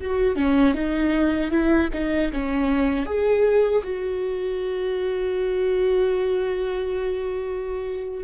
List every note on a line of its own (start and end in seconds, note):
0.00 0.36 F#4
0.36 0.74 C#4
0.74 1.51 D#4
1.51 1.89 E4
1.93 2.31 D#4
2.32 3.06 C#4
3.06 3.83 G#4
3.83 8.23 F#4